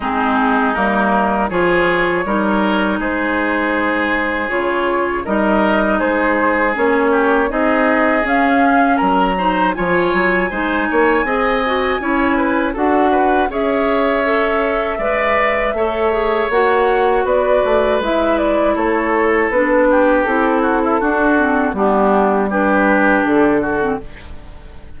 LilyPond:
<<
  \new Staff \with { instrumentName = "flute" } { \time 4/4 \tempo 4 = 80 gis'4 ais'4 cis''2 | c''2 cis''4 dis''4 | c''4 cis''4 dis''4 f''4 | ais''4 gis''2.~ |
gis''4 fis''4 e''2~ | e''2 fis''4 d''4 | e''8 d''8 cis''4 b'4 a'4~ | a'4 g'4 b'4 a'4 | }
  \new Staff \with { instrumentName = "oboe" } { \time 4/4 dis'2 gis'4 ais'4 | gis'2. ais'4 | gis'4. g'8 gis'2 | ais'8 c''8 cis''4 c''8 cis''8 dis''4 |
cis''8 b'8 a'8 b'8 cis''2 | d''4 cis''2 b'4~ | b'4 a'4. g'4 fis'16 e'16 | fis'4 d'4 g'4. fis'8 | }
  \new Staff \with { instrumentName = "clarinet" } { \time 4/4 c'4 ais4 f'4 dis'4~ | dis'2 f'4 dis'4~ | dis'4 cis'4 dis'4 cis'4~ | cis'8 dis'8 f'4 dis'4 gis'8 fis'8 |
e'4 fis'4 gis'4 a'4 | b'4 a'8 gis'8 fis'2 | e'2 d'4 e'4 | d'8 c'8 b4 d'4.~ d'16 c'16 | }
  \new Staff \with { instrumentName = "bassoon" } { \time 4/4 gis4 g4 f4 g4 | gis2 cis4 g4 | gis4 ais4 c'4 cis'4 | fis4 f8 fis8 gis8 ais8 c'4 |
cis'4 d'4 cis'2 | gis4 a4 ais4 b8 a8 | gis4 a4 b4 c'4 | d'4 g2 d4 | }
>>